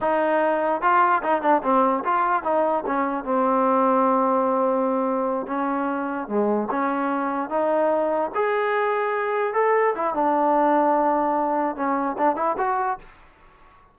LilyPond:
\new Staff \with { instrumentName = "trombone" } { \time 4/4 \tempo 4 = 148 dis'2 f'4 dis'8 d'8 | c'4 f'4 dis'4 cis'4 | c'1~ | c'4. cis'2 gis8~ |
gis8 cis'2 dis'4.~ | dis'8 gis'2. a'8~ | a'8 e'8 d'2.~ | d'4 cis'4 d'8 e'8 fis'4 | }